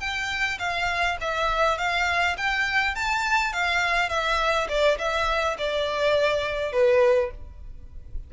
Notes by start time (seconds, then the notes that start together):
0.00 G5
0.59 F5
1.21 E5
1.78 F5
2.37 G5
2.95 A5
3.53 F5
4.09 E5
4.69 D5
4.99 E5
5.58 D5
6.73 B4